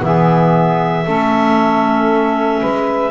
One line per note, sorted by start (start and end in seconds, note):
0.00 1.06 E3
0.00 1.03 B3
0.00 1.06 G#4
0.00 3.11 E5
1.06 2.62 A3
1.06 3.11 C#4
1.06 2.60 A4
2.60 3.11 G#3
2.60 3.11 B4